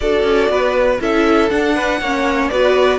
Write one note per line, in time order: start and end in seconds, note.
0.00 0.23 D4
0.00 1.00 F#4
0.00 0.51 A4
0.00 0.99 D5
0.23 0.48 C#4
0.49 0.99 B3
0.49 1.00 B4
1.00 1.50 C#4
1.00 1.50 E4
1.00 1.74 A4
1.00 1.49 E5
1.49 2.00 D4
1.49 2.48 F#5
1.74 1.99 B4
2.00 2.50 A#3
2.00 2.51 C#4
2.00 2.51 C#5
2.48 2.98 B3
2.48 2.98 F#4
2.48 2.98 B4
2.48 2.98 D5